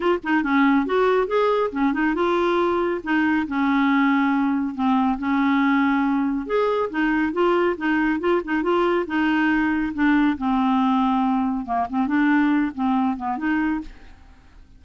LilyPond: \new Staff \with { instrumentName = "clarinet" } { \time 4/4 \tempo 4 = 139 f'8 dis'8 cis'4 fis'4 gis'4 | cis'8 dis'8 f'2 dis'4 | cis'2. c'4 | cis'2. gis'4 |
dis'4 f'4 dis'4 f'8 dis'8 | f'4 dis'2 d'4 | c'2. ais8 c'8 | d'4. c'4 b8 dis'4 | }